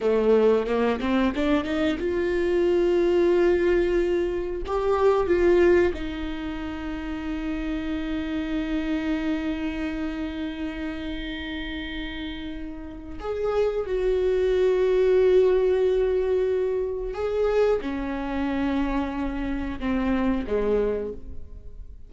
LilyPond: \new Staff \with { instrumentName = "viola" } { \time 4/4 \tempo 4 = 91 a4 ais8 c'8 d'8 dis'8 f'4~ | f'2. g'4 | f'4 dis'2.~ | dis'1~ |
dis'1 | gis'4 fis'2.~ | fis'2 gis'4 cis'4~ | cis'2 c'4 gis4 | }